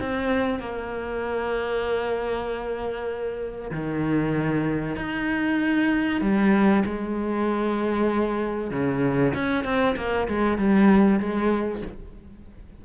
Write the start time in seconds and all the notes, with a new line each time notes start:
0.00 C4
0.60 A#3
3.71 D#3
4.96 D#4
6.21 G3
6.85 G#3
8.71 C#3
9.34 C#4
9.64 C4
9.96 A#3
10.28 G#3
10.58 G3
11.19 G#3